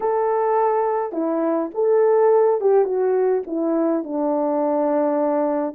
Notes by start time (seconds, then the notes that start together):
0.00 A4
1.12 E4
1.74 A4
2.60 G4
2.84 F#4
3.46 E4
4.03 D4